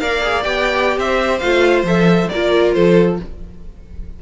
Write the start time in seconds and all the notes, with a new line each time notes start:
0.00 A#3 A#4 D5 F5
0.23 G#4
0.43 B3 G4 G5
0.98 C4 C5 E5
1.39 A3 F4 F5
1.83 F3 A4 E5
2.29 A#3 F4 A#4 D5
2.74 F3 A4 C5